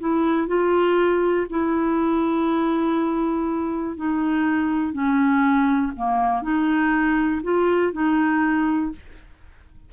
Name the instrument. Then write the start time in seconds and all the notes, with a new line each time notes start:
clarinet
0.00 E4
0.48 F4
1.50 E4
3.97 D#4
4.93 C#4
5.96 A#3
6.42 D#4
7.43 F4
7.93 D#4